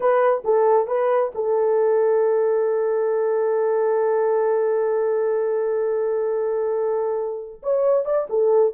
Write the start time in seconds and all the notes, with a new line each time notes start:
0.00 B4
0.44 A4
0.87 B4
1.35 A4
7.62 C#5
8.05 D5
8.29 A4